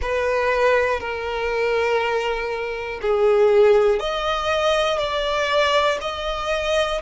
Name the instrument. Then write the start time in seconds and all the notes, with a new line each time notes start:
violin
0.01 B4
1.00 A#4
3.01 G#4
3.99 D#5
4.98 D5
6.00 D#5